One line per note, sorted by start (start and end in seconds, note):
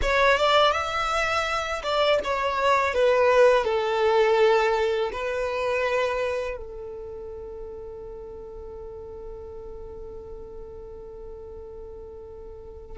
0.02 0.37 C#5
0.37 0.72 D5
0.72 1.81 E5
1.83 2.19 D5
2.24 2.94 C#5
2.94 3.64 B4
3.64 5.11 A4
5.12 6.57 B4
6.57 12.97 A4